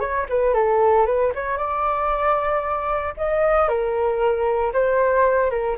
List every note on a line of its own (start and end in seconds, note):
0.00 0.26 C#5
0.29 0.54 B4
0.54 1.06 A4
1.06 1.32 B4
1.35 1.57 C#5
1.57 3.14 D5
3.17 3.68 D#5
3.68 4.72 A#4
4.73 5.50 C5
5.50 5.77 A#4